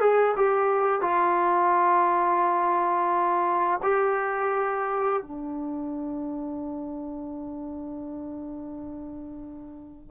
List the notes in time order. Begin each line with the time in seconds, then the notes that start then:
0.00 G#4
0.36 G4
1.01 F4
3.82 G4
5.22 D4